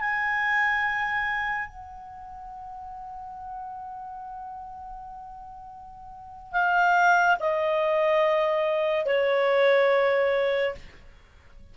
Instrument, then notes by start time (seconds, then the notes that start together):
clarinet
0.00 G#5
1.68 F#5
6.52 F5
7.40 D#5
9.06 C#5